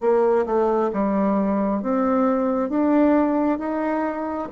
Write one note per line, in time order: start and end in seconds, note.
0.00 0.45 A#3
0.46 0.90 A3
0.92 1.82 G3
1.82 2.69 C4
2.69 3.58 D4
3.58 4.48 D#4